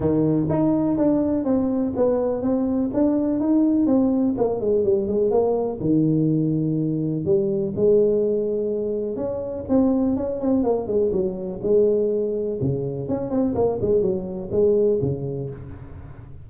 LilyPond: \new Staff \with { instrumentName = "tuba" } { \time 4/4 \tempo 4 = 124 dis4 dis'4 d'4 c'4 | b4 c'4 d'4 dis'4 | c'4 ais8 gis8 g8 gis8 ais4 | dis2. g4 |
gis2. cis'4 | c'4 cis'8 c'8 ais8 gis8 fis4 | gis2 cis4 cis'8 c'8 | ais8 gis8 fis4 gis4 cis4 | }